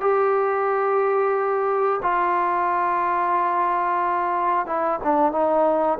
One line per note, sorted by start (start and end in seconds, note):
0.00 2.00 G4
2.02 4.66 F4
4.66 4.99 E4
5.03 5.32 D4
5.32 5.98 D#4